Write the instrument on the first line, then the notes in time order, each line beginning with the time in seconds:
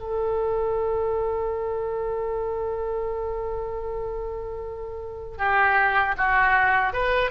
oboe
0.00 A4
5.38 G4
6.18 F#4
6.93 B4